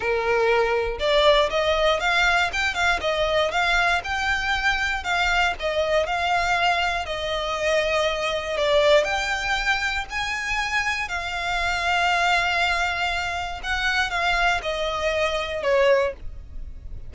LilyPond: \new Staff \with { instrumentName = "violin" } { \time 4/4 \tempo 4 = 119 ais'2 d''4 dis''4 | f''4 g''8 f''8 dis''4 f''4 | g''2 f''4 dis''4 | f''2 dis''2~ |
dis''4 d''4 g''2 | gis''2 f''2~ | f''2. fis''4 | f''4 dis''2 cis''4 | }